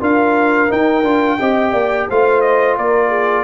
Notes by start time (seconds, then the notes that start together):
0.00 D4 F4 A#4 F5
0.69 D#4 G5
1.03 D4 F4
1.39 C4 G4 D#5
1.72 A#3 D5
2.09 A3 F4 C5 F5
2.41 D#5
2.77 A#3 A#4 D5
3.09 G#4